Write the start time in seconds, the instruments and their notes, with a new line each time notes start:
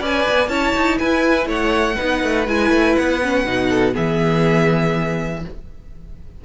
0.00 cello C#4, viola B4, violin D5 G#5
0.29 cello B3
0.48 cello C#4, viola E4, violin C#5 A5
0.76 cello D#4
0.98 cello E4, violin B4 G#5
1.46 cello A3, violin C#5 F#5
1.95 cello B3, viola D#4, violin B4
2.23 cello A3
2.47 cello G#3, viola E4, violin G#5
2.69 cello A3
2.95 cello B3, violin F#5
3.22 viola C#4
3.45 cello B2, viola D#4
3.69 violin A4
3.93 cello E3, viola B3, violin G#4 E5